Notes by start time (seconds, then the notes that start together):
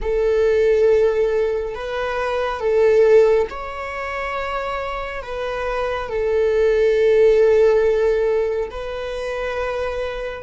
0.01 A4
1.74 B4
2.60 A4
3.50 C#5
5.22 B4
6.09 A4
8.70 B4